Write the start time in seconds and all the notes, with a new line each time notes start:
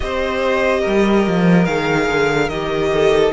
0.00 C4 G4 C5 D#5
0.80 G3 A#4
1.27 F3
1.65 D#3 G#4 F5
2.09 D3
2.48 D#3 G4 D#5
2.92 A4